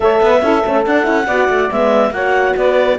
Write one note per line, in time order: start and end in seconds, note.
0.00 0.20 A3
0.00 0.41 A4
0.00 0.22 C#5
0.00 0.84 E5
0.20 0.41 B3
0.20 0.42 B4
0.41 0.63 C#4
0.41 0.63 E4
0.41 1.26 A4
0.65 0.85 A3
0.65 0.86 C#4
0.85 1.06 D4
0.85 1.03 D4
0.85 1.71 F#5
1.03 1.27 C#4
1.03 1.24 E4
1.26 1.48 B3
1.26 1.71 F#4
1.26 2.11 D5
1.48 1.70 A3
1.71 2.10 G#3
1.71 2.14 B3
1.71 2.12 E5
2.10 2.53 A#3
2.10 2.99 F#4
2.10 2.55 C#5
2.10 2.55 F#5
2.55 2.99 B3
2.55 2.97 B4
2.55 2.99 D5